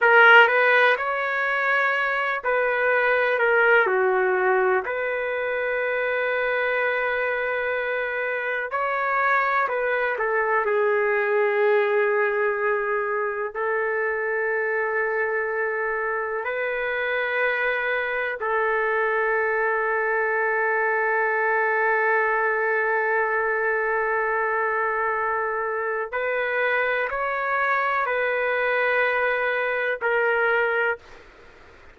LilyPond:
\new Staff \with { instrumentName = "trumpet" } { \time 4/4 \tempo 4 = 62 ais'8 b'8 cis''4. b'4 ais'8 | fis'4 b'2.~ | b'4 cis''4 b'8 a'8 gis'4~ | gis'2 a'2~ |
a'4 b'2 a'4~ | a'1~ | a'2. b'4 | cis''4 b'2 ais'4 | }